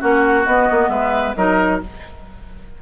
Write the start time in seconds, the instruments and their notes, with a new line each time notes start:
0.00 bassoon A#3, clarinet C#4, oboe F#4, flute F#5
0.46 bassoon B3, clarinet B3, flute D#5
0.71 bassoon A#3
0.89 bassoon G#3, oboe B4, flute E5
1.35 bassoon F#3, clarinet D#4, oboe A#4, flute D#5